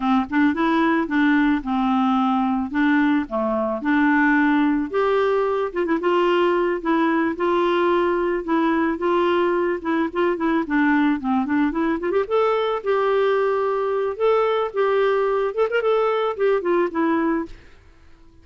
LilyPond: \new Staff \with { instrumentName = "clarinet" } { \time 4/4 \tempo 4 = 110 c'8 d'8 e'4 d'4 c'4~ | c'4 d'4 a4 d'4~ | d'4 g'4. f'16 e'16 f'4~ | f'8 e'4 f'2 e'8~ |
e'8 f'4. e'8 f'8 e'8 d'8~ | d'8 c'8 d'8 e'8 f'16 g'16 a'4 g'8~ | g'2 a'4 g'4~ | g'8 a'16 ais'16 a'4 g'8 f'8 e'4 | }